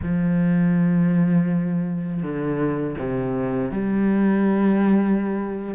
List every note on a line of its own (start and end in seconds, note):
0.02 2.22 F3
2.22 2.96 D3
2.98 3.71 C3
3.71 5.74 G3